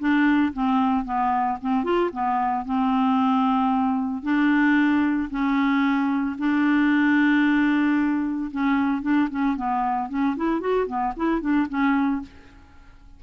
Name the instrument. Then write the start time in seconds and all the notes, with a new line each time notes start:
clarinet
0.00 D4
0.54 C4
1.05 B3
1.61 C4
1.84 F4
2.13 B3
2.65 C4
4.23 D4
5.30 C#4
6.39 D4
8.51 C#4
9.02 D4
9.30 C#4
9.56 B3
10.10 C#4
10.37 E4
10.61 F#4
10.87 B3
11.17 E4
11.41 D4
11.69 C#4